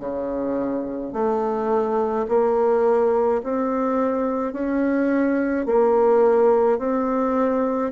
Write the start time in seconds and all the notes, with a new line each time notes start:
0.00 C#3
1.13 A3
2.28 A#3
3.44 C4
4.53 C#4
5.67 A#3
6.78 C4